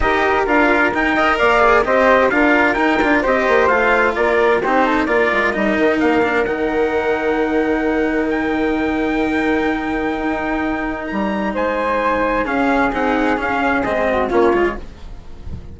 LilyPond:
<<
  \new Staff \with { instrumentName = "trumpet" } { \time 4/4 \tempo 4 = 130 dis''4 f''4 g''4 f''4 | dis''4 f''4 g''4 dis''4 | f''4 d''4 c''4 d''4 | dis''4 f''4 fis''2~ |
fis''2 g''2~ | g''1 | ais''4 gis''2 f''4 | fis''4 f''4 dis''4 cis''4 | }
  \new Staff \with { instrumentName = "flute" } { \time 4/4 ais'2~ ais'8 dis''8 d''4 | c''4 ais'2 c''4~ | c''4 ais'4 g'8 a'8 ais'4~ | ais'1~ |
ais'1~ | ais'1~ | ais'4 c''2 gis'4~ | gis'2~ gis'8 fis'8 f'4 | }
  \new Staff \with { instrumentName = "cello" } { \time 4/4 g'4 f'4 dis'8 ais'4 gis'8 | g'4 f'4 dis'8 f'8 g'4 | f'2 dis'4 f'4 | dis'4. d'8 dis'2~ |
dis'1~ | dis'1~ | dis'2. cis'4 | dis'4 cis'4 c'4 cis'8 f'8 | }
  \new Staff \with { instrumentName = "bassoon" } { \time 4/4 dis'4 d'4 dis'4 ais4 | c'4 d'4 dis'8 d'8 c'8 ais8 | a4 ais4 c'4 ais8 gis8 | g8 dis8 ais4 dis2~ |
dis1~ | dis2 dis'2 | g4 gis2 cis'4 | c'4 cis'4 gis4 ais8 gis8 | }
>>